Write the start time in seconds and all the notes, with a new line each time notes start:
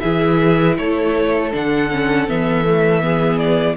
0.00 E3 E4 G#4 E5
0.78 A3 A4 C#5
1.52 D3 D4 F#5
1.91 C#4
2.28 E3 B3 E5
2.65 A3
3.01 B3 G#4
3.38 D5